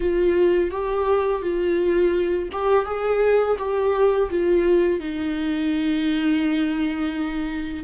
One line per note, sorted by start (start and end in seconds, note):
0.00 0.70 F4
0.70 1.42 G4
1.42 2.49 F4
2.52 2.85 G4
2.85 3.56 G#4
3.58 4.29 G4
4.30 5.00 F4
5.00 7.84 D#4